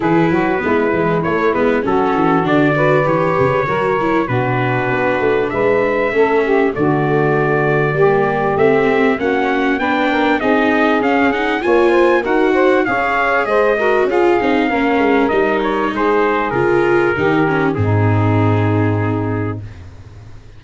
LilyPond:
<<
  \new Staff \with { instrumentName = "trumpet" } { \time 4/4 \tempo 4 = 98 b'2 cis''8 b'8 a'4 | d''4 cis''2 b'4~ | b'4 e''2 d''4~ | d''2 e''4 fis''4 |
g''4 dis''4 f''8 fis''8 gis''4 | fis''4 f''4 dis''4 f''4~ | f''4 dis''8 cis''8 c''4 ais'4~ | ais'4 gis'2. | }
  \new Staff \with { instrumentName = "saxophone" } { \time 4/4 gis'8 fis'8 e'2 fis'4~ | fis'8 b'4. ais'4 fis'4~ | fis'4 b'4 a'8 g'8 fis'4~ | fis'4 g'2 fis'4 |
b'8 ais'8 gis'2 cis''8 c''8 | ais'8 c''8 cis''4 c''8 ais'8 gis'4 | ais'2 gis'2 | g'4 dis'2. | }
  \new Staff \with { instrumentName = "viola" } { \time 4/4 e'4 b8 gis8 a8 b8 cis'4 | d'8 fis'8 g'4 fis'8 e'8 d'4~ | d'2 cis'4 a4~ | a4 ais4 c'4 cis'4 |
d'4 dis'4 cis'8 dis'8 f'4 | fis'4 gis'4. fis'8 f'8 dis'8 | cis'4 dis'2 f'4 | dis'8 cis'8 c'2. | }
  \new Staff \with { instrumentName = "tuba" } { \time 4/4 e8 fis8 gis8 e8 a8 gis8 fis8 e8 | d4 e8 cis8 fis4 b,4 | b8 a8 gis4 a4 d4~ | d4 g4 a4 ais4 |
b4 c'4 cis'4 ais4 | dis'4 cis'4 gis4 cis'8 c'8 | ais8 gis8 g4 gis4 cis4 | dis4 gis,2. | }
>>